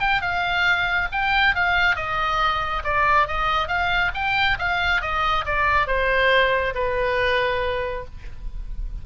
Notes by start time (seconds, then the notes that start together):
0.00 G5
0.22 F5
1.12 G5
1.55 F5
1.96 D#5
2.84 D5
3.27 D#5
3.68 F5
4.15 G5
4.59 F5
5.02 D#5
5.46 D5
5.87 C5
6.75 B4